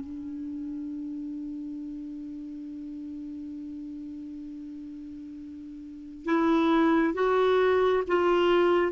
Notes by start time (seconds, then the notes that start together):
0.00 D4
6.25 E4
7.14 F#4
8.07 F4